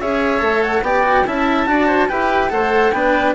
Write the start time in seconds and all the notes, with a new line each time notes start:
0.00 C#4 G#4 C#5 E5
0.39 A3 A4
0.63 F#5
0.81 B3 G4 D5 G5
1.03 F#4
1.26 C#4 E4 E5 A5
1.66 D4 F#4 D5
1.87 C5
2.08 E4 G4 B4 G5
2.50 A3 A4 C5 F#5
2.91 B3 D4 B4 G5